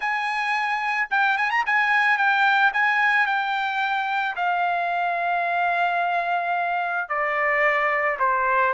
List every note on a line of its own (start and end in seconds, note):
0.00 1.08 G#5
1.10 1.37 G5
1.37 1.50 G#5
1.50 1.64 A#5
1.66 2.17 G#5
2.17 2.72 G5
2.73 3.26 G#5
3.26 4.35 G5
4.36 7.08 F5
7.08 8.17 D5
8.19 8.73 C5